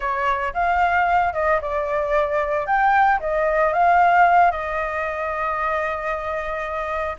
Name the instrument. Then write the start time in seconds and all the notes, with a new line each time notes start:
flute
0.00 C#5
0.53 F5
1.33 D#5
1.61 D5
2.66 G5
3.20 D#5
3.73 F5
4.51 D#5